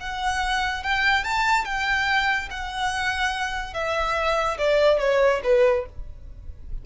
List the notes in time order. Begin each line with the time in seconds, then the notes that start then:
0.00 F#5
0.83 G5
1.24 A5
1.65 G5
2.50 F#5
3.74 E5
4.58 D5
4.99 C#5
5.43 B4